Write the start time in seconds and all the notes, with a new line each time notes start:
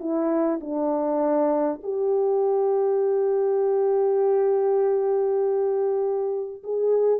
0.00 E4
0.61 D4
1.83 G4
6.64 G#4